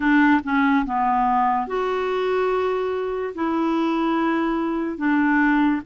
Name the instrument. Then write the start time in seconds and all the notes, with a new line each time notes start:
clarinet
0.00 D4
0.43 C#4
0.85 B3
1.67 F#4
3.34 E4
4.97 D4